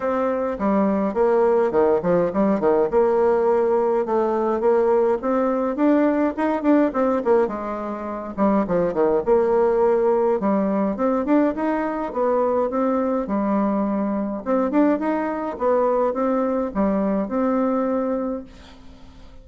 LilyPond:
\new Staff \with { instrumentName = "bassoon" } { \time 4/4 \tempo 4 = 104 c'4 g4 ais4 dis8 f8 | g8 dis8 ais2 a4 | ais4 c'4 d'4 dis'8 d'8 | c'8 ais8 gis4. g8 f8 dis8 |
ais2 g4 c'8 d'8 | dis'4 b4 c'4 g4~ | g4 c'8 d'8 dis'4 b4 | c'4 g4 c'2 | }